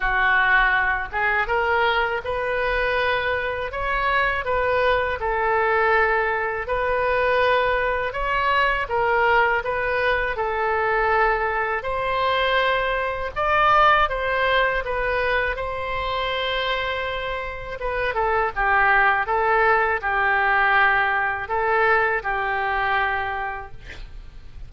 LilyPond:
\new Staff \with { instrumentName = "oboe" } { \time 4/4 \tempo 4 = 81 fis'4. gis'8 ais'4 b'4~ | b'4 cis''4 b'4 a'4~ | a'4 b'2 cis''4 | ais'4 b'4 a'2 |
c''2 d''4 c''4 | b'4 c''2. | b'8 a'8 g'4 a'4 g'4~ | g'4 a'4 g'2 | }